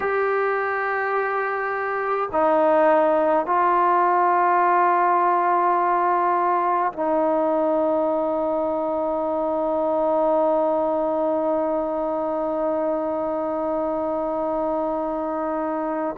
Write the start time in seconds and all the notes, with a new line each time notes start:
0.00 G4
2.31 D#4
3.46 F4
6.92 D#4